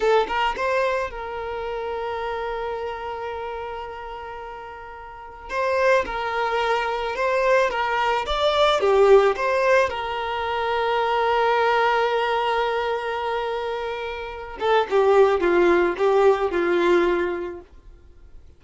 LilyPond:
\new Staff \with { instrumentName = "violin" } { \time 4/4 \tempo 4 = 109 a'8 ais'8 c''4 ais'2~ | ais'1~ | ais'2 c''4 ais'4~ | ais'4 c''4 ais'4 d''4 |
g'4 c''4 ais'2~ | ais'1~ | ais'2~ ais'8 a'8 g'4 | f'4 g'4 f'2 | }